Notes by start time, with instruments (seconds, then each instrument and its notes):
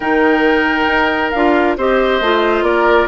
0.00 bassoon D#3, clarinet D#4, oboe A#4, flute G5
0.87 bassoon D#4
1.30 bassoon D4, clarinet F4, flute F5
1.77 bassoon C4, clarinet G4, oboe C5, flute D#5
2.20 bassoon A3, clarinet F4
2.62 bassoon A#3, oboe A#4, flute D5